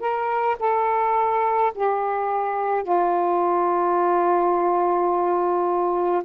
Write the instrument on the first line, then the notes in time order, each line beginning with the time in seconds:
saxophone
0.00 A#4
0.59 A4
1.75 G4
2.84 F4